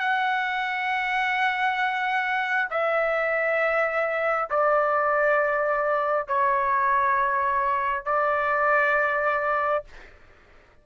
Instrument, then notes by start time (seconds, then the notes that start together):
trumpet
0.00 F#5
2.70 E5
4.50 D5
6.28 C#5
8.05 D5